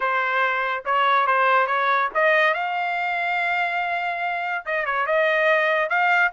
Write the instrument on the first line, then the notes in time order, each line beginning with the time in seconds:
trumpet
0.00 C5
0.85 C#5
1.27 C5
1.67 C#5
2.14 D#5
2.54 F5
4.65 D#5
4.85 C#5
5.06 D#5
5.89 F5